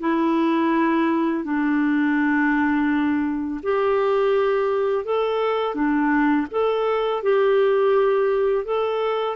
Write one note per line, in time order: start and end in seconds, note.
0.00 1.44 E4
1.44 3.61 D4
3.63 5.05 G4
5.05 5.75 A4
5.75 6.47 D4
6.51 7.23 A4
7.23 8.65 G4
8.65 9.36 A4